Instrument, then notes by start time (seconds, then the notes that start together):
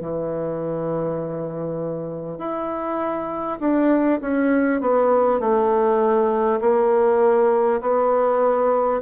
bassoon
0.00 E3
2.38 E4
3.59 D4
4.21 C#4
4.80 B3
5.39 A3
6.61 A#3
7.81 B3